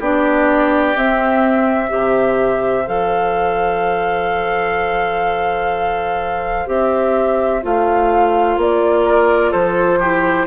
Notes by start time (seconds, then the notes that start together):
0.00 B3 D4 G4 D5
0.96 C4 E5
1.89 C3 G4 C5
2.87 F3 A4 F5
6.66 C4 G4 E5
7.63 A3 F4 F5
8.57 A#3 D5
9.06 A#4
9.51 F3 A4 C5
10.00 E4 G4